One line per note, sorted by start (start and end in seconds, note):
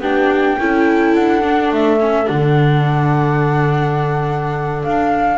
0.00 0.57 B3
0.00 0.59 D4
0.00 0.58 G4
0.00 1.15 G5
0.60 1.15 C#4
0.60 1.42 E4
0.60 5.38 A4
1.15 1.72 D4
1.15 1.72 F#5
1.42 1.99 D4
1.72 2.28 A3
1.72 2.28 E5
2.01 2.25 C#4
2.25 4.85 D3
2.25 5.37 D4
2.25 4.83 F#5
4.84 5.38 D4
4.84 5.38 F5